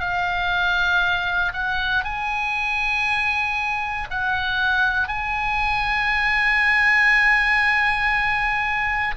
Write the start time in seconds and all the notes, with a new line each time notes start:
0.00 F5
1.53 F#5
2.04 G#5
4.10 F#5
5.08 G#5